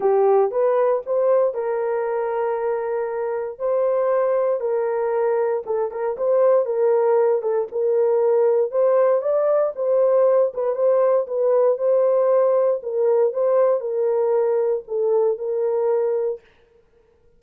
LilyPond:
\new Staff \with { instrumentName = "horn" } { \time 4/4 \tempo 4 = 117 g'4 b'4 c''4 ais'4~ | ais'2. c''4~ | c''4 ais'2 a'8 ais'8 | c''4 ais'4. a'8 ais'4~ |
ais'4 c''4 d''4 c''4~ | c''8 b'8 c''4 b'4 c''4~ | c''4 ais'4 c''4 ais'4~ | ais'4 a'4 ais'2 | }